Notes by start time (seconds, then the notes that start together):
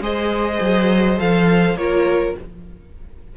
0.00 G#3 G#4 C5 D#5
0.60 F#3
1.18 F3 A4 F5
1.75 A#3 F4 A#4 C#5